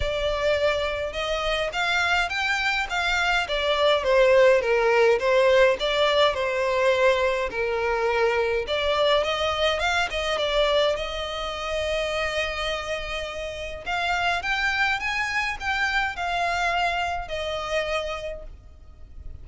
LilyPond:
\new Staff \with { instrumentName = "violin" } { \time 4/4 \tempo 4 = 104 d''2 dis''4 f''4 | g''4 f''4 d''4 c''4 | ais'4 c''4 d''4 c''4~ | c''4 ais'2 d''4 |
dis''4 f''8 dis''8 d''4 dis''4~ | dis''1 | f''4 g''4 gis''4 g''4 | f''2 dis''2 | }